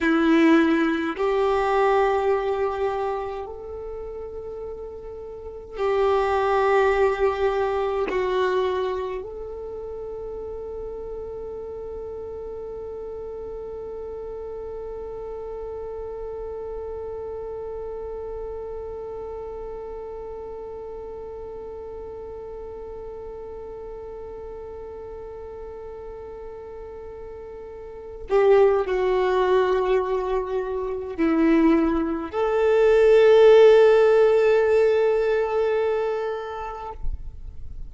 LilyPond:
\new Staff \with { instrumentName = "violin" } { \time 4/4 \tempo 4 = 52 e'4 g'2 a'4~ | a'4 g'2 fis'4 | a'1~ | a'1~ |
a'1~ | a'1~ | a'8 g'8 fis'2 e'4 | a'1 | }